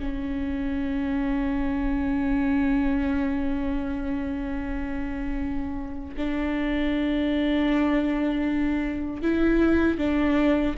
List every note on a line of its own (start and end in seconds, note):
0.00 6.15 C#4
6.17 9.22 D4
9.22 9.98 E4
9.98 10.75 D4